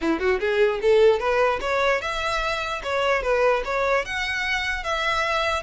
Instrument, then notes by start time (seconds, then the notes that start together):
violin
0.01 E4
0.19 F#4
0.39 G#4
0.81 A4
1.19 B4
1.61 C#5
2.01 E5
2.83 C#5
3.22 B4
3.65 C#5
4.05 F#5
4.83 E5